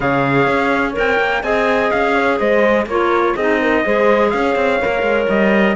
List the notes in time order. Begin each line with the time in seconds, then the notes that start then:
0.00 C#3 G#4 C#5 F5
0.46 C#4
0.93 C4 A#4 G5
1.19 A#3
1.43 C4 G#4 D#5 G#5
1.91 C#4 F5
2.14 C#5
2.39 G#3 C5 D#5
2.86 A#3 F4 A#4 C#5
3.35 C4 D#4 G#4 D#5
3.61 A#4
3.84 G#3 G#4 C5
4.30 C#4 C#5 F5
4.55 C4
4.81 A#3 A#4
5.01 G#3
5.28 G3 D#5